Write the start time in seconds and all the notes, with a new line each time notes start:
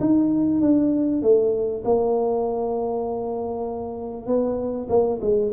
0.00 D#4
0.60 D4
1.22 A3
1.84 A#3
4.26 B3
4.89 A#3
5.21 G#3